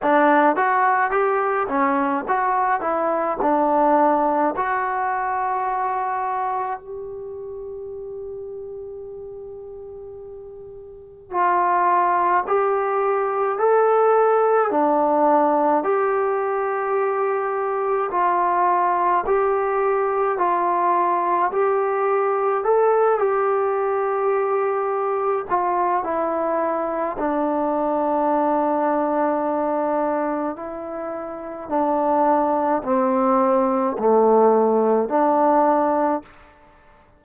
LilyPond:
\new Staff \with { instrumentName = "trombone" } { \time 4/4 \tempo 4 = 53 d'8 fis'8 g'8 cis'8 fis'8 e'8 d'4 | fis'2 g'2~ | g'2 f'4 g'4 | a'4 d'4 g'2 |
f'4 g'4 f'4 g'4 | a'8 g'2 f'8 e'4 | d'2. e'4 | d'4 c'4 a4 d'4 | }